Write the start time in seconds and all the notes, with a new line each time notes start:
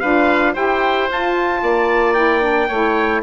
0.00 D4 F4 B4 F5
0.53 E4 G4 C5 G5
1.09 F4 A5
1.62 A#3 D5
2.14 E4 G5
2.42 D4
2.68 A3 E4 C#5